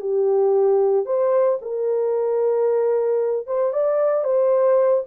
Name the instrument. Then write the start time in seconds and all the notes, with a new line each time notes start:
horn
0.00 G4
1.05 C5
1.61 A#4
3.46 C5
3.72 D5
4.24 C5